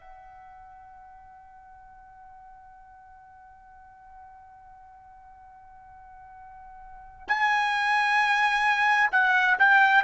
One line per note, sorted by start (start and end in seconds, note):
0.00 7.27 F#5
7.27 9.09 G#5
9.11 9.57 F#5
9.58 10.04 G5